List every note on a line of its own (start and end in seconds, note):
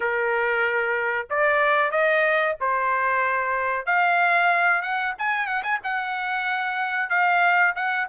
0.00 1.27 A#4
1.29 1.91 D5
1.91 2.55 D#5
2.60 3.86 C5
3.86 4.82 F5
4.82 5.14 F#5
5.18 5.46 G#5
5.46 5.62 F#5
5.63 5.79 G#5
5.83 7.09 F#5
7.09 7.74 F5
7.75 8.07 F#5